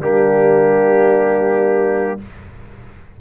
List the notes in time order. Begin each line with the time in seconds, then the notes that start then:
0.00 G3 A#3 D4 G4